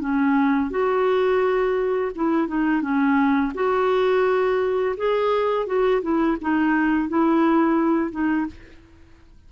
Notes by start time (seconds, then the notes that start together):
0.00 C#4
0.71 F#4
2.15 E4
2.48 D#4
2.82 C#4
3.55 F#4
4.97 G#4
5.67 F#4
6.02 E4
6.41 D#4
7.09 E4
8.11 D#4